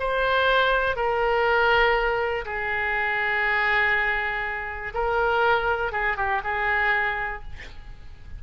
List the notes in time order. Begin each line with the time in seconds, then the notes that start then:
0.00 C5
0.96 A#4
2.46 G#4
4.95 A#4
5.92 G#4
6.17 G4
6.44 G#4